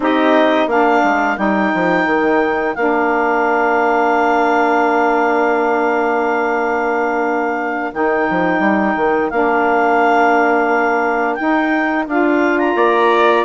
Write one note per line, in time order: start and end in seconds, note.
0.00 0.66 C4
0.00 0.69 D#4
0.00 0.68 G4
0.00 0.69 D#5
0.66 1.01 A#3
0.66 1.36 D4
0.66 12.75 A#4
0.66 1.37 F5
1.03 1.37 G#3
1.36 1.72 G3
1.36 2.74 D#4
1.36 2.75 G5
1.73 2.05 F3
2.05 2.74 D#3
2.75 7.93 A#3
2.75 7.93 D4
2.75 7.92 F5
7.93 8.27 D#3
7.93 9.31 D#4
7.93 9.30 G5
8.30 8.59 F3
8.59 8.94 G3
8.96 9.30 D#3
9.30 11.38 A#3
9.30 11.38 D4
9.30 11.34 F5
11.34 12.07 D#4
11.34 12.03 G5
12.07 12.75 D4
12.07 13.44 F4
12.07 12.58 F5
12.58 13.44 A#5
12.75 13.44 A#3
12.75 13.44 D5